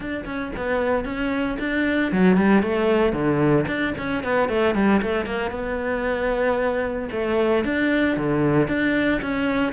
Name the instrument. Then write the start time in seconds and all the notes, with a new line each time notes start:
cello
0.00 D4
0.25 C#4
0.56 B3
1.05 C#4
1.59 D4
2.12 F#3
2.36 G3
2.62 A3
3.12 D3
3.67 D4
3.98 C#4
4.23 B3
4.48 A3
4.75 G3
5.02 A3
5.25 A#3
5.50 B3
7.11 A3
7.64 D4
8.17 D3
8.68 D4
9.21 C#4